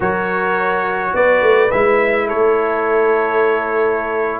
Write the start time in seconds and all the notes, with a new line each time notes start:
0.00 F#3 F#4 A#4 C#5
1.13 B3 B4 D5
1.41 A3
1.71 G#3 E4 E5
2.27 A3 A4 C#5